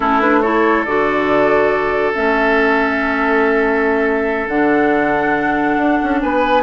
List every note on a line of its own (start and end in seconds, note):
0.00 0.85 A3
0.00 0.21 C#4
0.00 0.39 E4
0.00 0.21 A4
0.21 0.42 D4
0.21 0.41 B4
0.41 0.86 E4
0.41 6.20 A4
0.41 0.83 C#5
0.84 2.13 D3
0.84 2.14 F#4
0.84 2.13 D5
2.14 4.48 A3
2.14 4.49 C#4
2.14 4.47 E5
4.47 5.76 D3
4.47 6.63 D4
4.47 6.19 F#5
5.77 5.98 D4
6.02 6.22 C#4
6.21 6.63 B3
6.21 6.63 B4
6.21 6.63 G#5